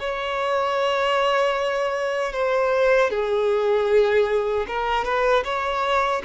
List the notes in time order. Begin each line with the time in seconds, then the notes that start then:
0.00 C#5
2.33 C5
3.10 G#4
4.67 A#4
5.04 B4
5.44 C#5